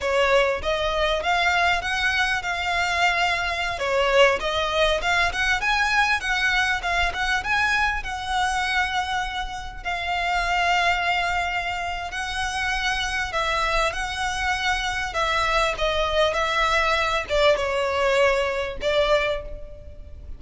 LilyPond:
\new Staff \with { instrumentName = "violin" } { \time 4/4 \tempo 4 = 99 cis''4 dis''4 f''4 fis''4 | f''2~ f''16 cis''4 dis''8.~ | dis''16 f''8 fis''8 gis''4 fis''4 f''8 fis''16~ | fis''16 gis''4 fis''2~ fis''8.~ |
fis''16 f''2.~ f''8. | fis''2 e''4 fis''4~ | fis''4 e''4 dis''4 e''4~ | e''8 d''8 cis''2 d''4 | }